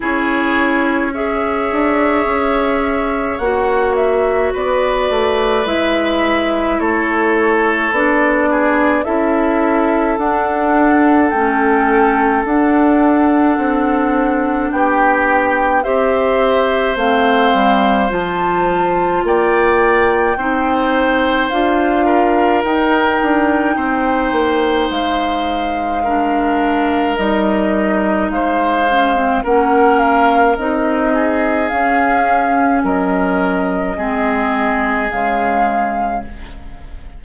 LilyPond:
<<
  \new Staff \with { instrumentName = "flute" } { \time 4/4 \tempo 4 = 53 cis''4 e''2 fis''8 e''8 | d''4 e''4 cis''4 d''4 | e''4 fis''4 g''4 fis''4~ | fis''4 g''4 e''4 f''4 |
a''4 g''2 f''4 | g''2 f''2 | dis''4 f''4 fis''8 f''8 dis''4 | f''4 dis''2 f''4 | }
  \new Staff \with { instrumentName = "oboe" } { \time 4/4 gis'4 cis''2. | b'2 a'4. gis'8 | a'1~ | a'4 g'4 c''2~ |
c''4 d''4 c''4. ais'8~ | ais'4 c''2 ais'4~ | ais'4 c''4 ais'4. gis'8~ | gis'4 ais'4 gis'2 | }
  \new Staff \with { instrumentName = "clarinet" } { \time 4/4 e'4 gis'2 fis'4~ | fis'4 e'2 d'4 | e'4 d'4 cis'4 d'4~ | d'2 g'4 c'4 |
f'2 dis'4 f'4 | dis'2. d'4 | dis'4. cis'16 c'16 cis'4 dis'4 | cis'2 c'4 gis4 | }
  \new Staff \with { instrumentName = "bassoon" } { \time 4/4 cis'4. d'8 cis'4 ais4 | b8 a8 gis4 a4 b4 | cis'4 d'4 a4 d'4 | c'4 b4 c'4 a8 g8 |
f4 ais4 c'4 d'4 | dis'8 d'8 c'8 ais8 gis2 | g4 gis4 ais4 c'4 | cis'4 fis4 gis4 cis4 | }
>>